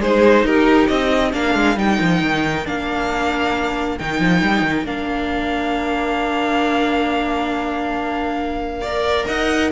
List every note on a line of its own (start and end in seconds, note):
0.00 0.43 G#3
0.00 1.32 D#4
0.00 0.45 G#4
0.00 0.46 C5
0.43 0.87 D#4
0.43 1.34 G4
0.43 0.87 A#4
0.87 1.33 C4
0.87 1.32 D#5
1.32 1.54 A#3
1.32 1.76 D4
1.32 8.81 A#4
1.32 1.78 F5
1.54 1.76 G#3
1.76 1.98 G3
1.76 2.65 D#4
1.76 2.67 G5
2.00 2.21 F3
2.21 2.65 D#3
2.65 3.99 A#3
2.65 3.97 D4
2.65 3.98 F5
3.98 4.20 D#3
3.98 4.85 D#4
3.98 4.86 G5
4.20 4.42 F3
4.42 4.61 G3
4.61 4.83 D#3
4.84 9.25 A#3
4.84 8.82 D4
4.84 9.26 F5
8.81 9.71 A#4
8.81 9.25 D5
9.26 9.71 D#4
9.26 9.70 D#5
9.26 9.70 F#5